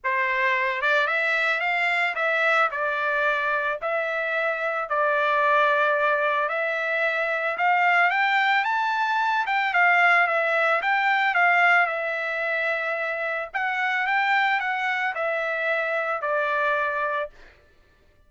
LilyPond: \new Staff \with { instrumentName = "trumpet" } { \time 4/4 \tempo 4 = 111 c''4. d''8 e''4 f''4 | e''4 d''2 e''4~ | e''4 d''2. | e''2 f''4 g''4 |
a''4. g''8 f''4 e''4 | g''4 f''4 e''2~ | e''4 fis''4 g''4 fis''4 | e''2 d''2 | }